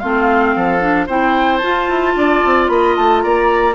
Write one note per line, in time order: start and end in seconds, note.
0.00 0.56 A3
0.00 0.81 C4
0.00 0.55 F4
0.00 1.07 F5
0.56 1.08 F3
0.56 1.07 A4
0.81 1.07 D4
1.07 1.62 C4
1.07 1.62 E4
1.07 2.14 C5
1.07 1.58 G5
1.58 3.75 F4
1.58 1.89 F4
1.58 2.65 A5
1.89 2.15 E4
2.16 2.42 D4
2.16 2.72 D5
2.45 2.69 C4
2.68 2.96 A#3
2.68 3.24 D#5
2.68 2.95 B5
2.96 3.24 A3
2.96 3.22 A5
3.22 3.75 A#3
3.22 3.75 D5
3.22 3.75 A#5